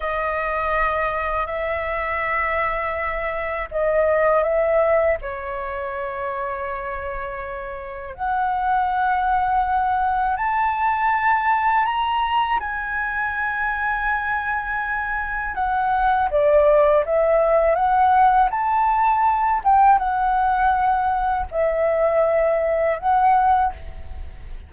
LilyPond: \new Staff \with { instrumentName = "flute" } { \time 4/4 \tempo 4 = 81 dis''2 e''2~ | e''4 dis''4 e''4 cis''4~ | cis''2. fis''4~ | fis''2 a''2 |
ais''4 gis''2.~ | gis''4 fis''4 d''4 e''4 | fis''4 a''4. g''8 fis''4~ | fis''4 e''2 fis''4 | }